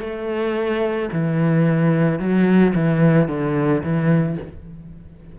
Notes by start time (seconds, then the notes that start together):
0.00 A3
1.13 E3
2.19 F#3
2.75 E3
3.28 D3
3.83 E3